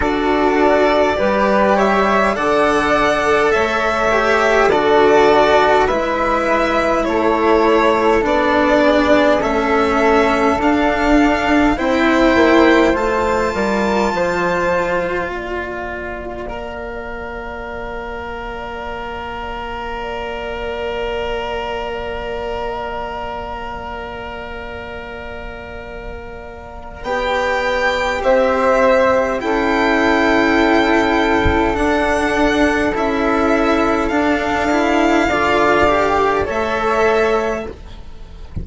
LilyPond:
<<
  \new Staff \with { instrumentName = "violin" } { \time 4/4 \tempo 4 = 51 d''4. e''8 fis''4 e''4 | d''4 e''4 cis''4 d''4 | e''4 f''4 g''4 a''4~ | a''4 f''2.~ |
f''1~ | f''2. g''4 | e''4 g''2 fis''4 | e''4 f''2 e''4 | }
  \new Staff \with { instrumentName = "flute" } { \time 4/4 a'4 b'8 cis''8 d''4 cis''4 | a'4 b'4 a'4. gis'8 | a'2 c''4. ais'8 | c''4 d''2.~ |
d''1~ | d''1 | c''4 a'2.~ | a'2 d''4 cis''4 | }
  \new Staff \with { instrumentName = "cello" } { \time 4/4 fis'4 g'4 a'4. g'8 | fis'4 e'2 d'4 | cis'4 d'4 e'4 f'4~ | f'2 ais'2~ |
ais'1~ | ais'2. g'4~ | g'4 e'2 d'4 | e'4 d'8 e'8 f'8 g'8 a'4 | }
  \new Staff \with { instrumentName = "bassoon" } { \time 4/4 d'4 g4 d4 a4 | d4 gis4 a4 b4 | a4 d'4 c'8 ais8 a8 g8 | f4 ais2.~ |
ais1~ | ais2. b4 | c'4 cis'2 d'4 | cis'4 d'4 d4 a4 | }
>>